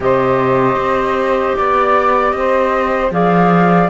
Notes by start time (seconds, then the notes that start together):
0.00 C3 G4 C5 D#5
0.75 C4
1.56 B3 D5
2.31 C4 D#5
2.37 C5
3.11 F3 G#4 D5 F5